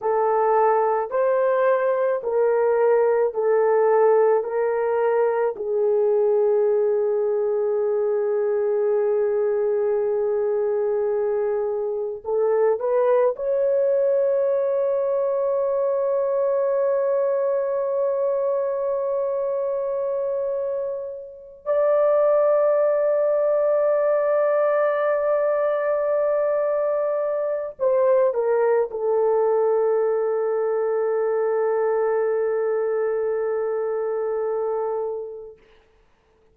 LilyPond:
\new Staff \with { instrumentName = "horn" } { \time 4/4 \tempo 4 = 54 a'4 c''4 ais'4 a'4 | ais'4 gis'2.~ | gis'2. a'8 b'8 | cis''1~ |
cis''2.~ cis''8 d''8~ | d''1~ | d''4 c''8 ais'8 a'2~ | a'1 | }